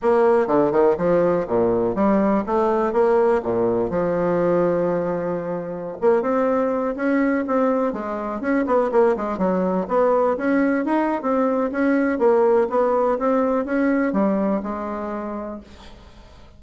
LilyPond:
\new Staff \with { instrumentName = "bassoon" } { \time 4/4 \tempo 4 = 123 ais4 d8 dis8 f4 ais,4 | g4 a4 ais4 ais,4 | f1~ | f16 ais8 c'4. cis'4 c'8.~ |
c'16 gis4 cis'8 b8 ais8 gis8 fis8.~ | fis16 b4 cis'4 dis'8. c'4 | cis'4 ais4 b4 c'4 | cis'4 g4 gis2 | }